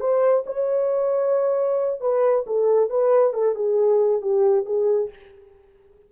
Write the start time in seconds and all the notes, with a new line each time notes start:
0.00 C5
0.46 C#5
2.01 B4
2.46 A4
2.90 B4
3.33 A4
3.55 G#4
4.21 G4
4.65 G#4